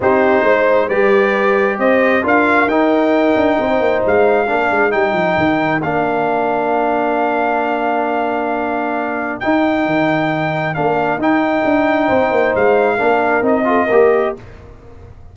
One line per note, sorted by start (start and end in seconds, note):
0.00 0.43 C4
0.00 0.90 D#4
0.00 0.44 G4
0.00 0.88 C5
0.43 0.87 G#3
0.43 0.88 C5
0.88 1.78 G3
0.88 2.22 G4
0.88 1.77 B4
0.88 1.78 D5
1.78 2.23 C4
1.78 2.23 C5
1.78 2.24 D#5
2.22 2.66 D4
2.22 2.67 F4
2.22 3.58 A#4
2.22 2.68 F5
2.66 3.33 D#4
2.66 4.46 D#4
2.66 4.02 G5
3.36 3.58 D4
3.59 3.79 C4
3.59 4.49 C5
3.79 4.01 A#3
4.06 4.49 G#3
4.06 4.91 F5
4.46 4.71 A#3
4.46 4.90 D4
4.46 12.06 A#4
4.71 4.93 G#3
4.90 5.13 G3
4.90 5.80 D#4
4.90 5.81 G5
5.13 5.35 F3
5.37 5.81 D#3
5.81 9.39 A#3
5.81 9.41 D4
5.81 9.40 F5
9.40 10.74 D#4
9.40 9.85 D#4
9.40 10.74 G5
9.85 10.75 D#3
10.74 11.17 A#3
10.74 11.19 D4
10.74 11.19 F5
11.17 11.62 D#4
11.17 12.97 D#4
11.17 12.55 G5
11.64 12.09 D4
12.06 12.31 C4
12.06 12.96 C5
12.31 12.53 A#3
12.55 12.99 G#3
12.55 13.45 F5
12.97 13.41 A#3
12.97 13.42 D4
12.97 13.64 A#4
13.41 13.86 C4
13.41 13.64 D#4
13.41 14.35 D#5
13.64 13.86 F4
13.64 13.86 A4
13.86 14.35 A#3
13.86 14.36 G4
13.86 14.31 A#4